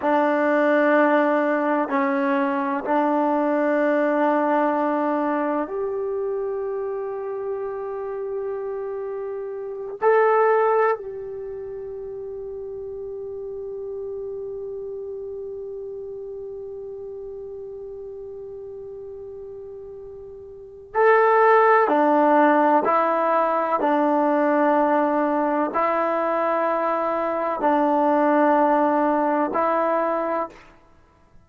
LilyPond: \new Staff \with { instrumentName = "trombone" } { \time 4/4 \tempo 4 = 63 d'2 cis'4 d'4~ | d'2 g'2~ | g'2~ g'8 a'4 g'8~ | g'1~ |
g'1~ | g'2 a'4 d'4 | e'4 d'2 e'4~ | e'4 d'2 e'4 | }